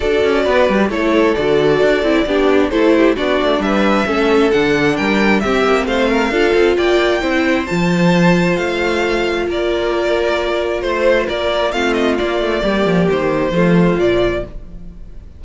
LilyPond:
<<
  \new Staff \with { instrumentName = "violin" } { \time 4/4 \tempo 4 = 133 d''2 cis''4 d''4~ | d''2 c''4 d''4 | e''2 fis''4 g''4 | e''4 f''2 g''4~ |
g''4 a''2 f''4~ | f''4 d''2. | c''4 d''4 f''8 dis''8 d''4~ | d''4 c''2 d''4 | }
  \new Staff \with { instrumentName = "violin" } { \time 4/4 a'4 b'4 a'2~ | a'4 g'4 a'8 g'8 fis'4 | b'4 a'2 ais'4 | g'4 c''8 ais'8 a'4 d''4 |
c''1~ | c''4 ais'2. | c''4 ais'4 f'2 | g'2 f'2 | }
  \new Staff \with { instrumentName = "viola" } { \time 4/4 fis'2 e'4 fis'4~ | fis'8 e'8 d'4 e'4 d'4~ | d'4 cis'4 d'2 | c'2 f'2 |
e'4 f'2.~ | f'1~ | f'2 c'4 ais4~ | ais2 a4 f4 | }
  \new Staff \with { instrumentName = "cello" } { \time 4/4 d'8 cis'8 b8 g8 a4 d4 | d'8 c'8 b4 a4 b8 a8 | g4 a4 d4 g4 | c'8 ais8 a4 d'8 c'8 ais4 |
c'4 f2 a4~ | a4 ais2. | a4 ais4 a4 ais8 a8 | g8 f8 dis4 f4 ais,4 | }
>>